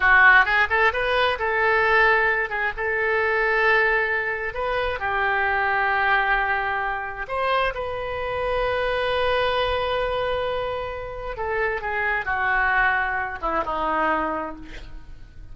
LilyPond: \new Staff \with { instrumentName = "oboe" } { \time 4/4 \tempo 4 = 132 fis'4 gis'8 a'8 b'4 a'4~ | a'4. gis'8 a'2~ | a'2 b'4 g'4~ | g'1 |
c''4 b'2.~ | b'1~ | b'4 a'4 gis'4 fis'4~ | fis'4. e'8 dis'2 | }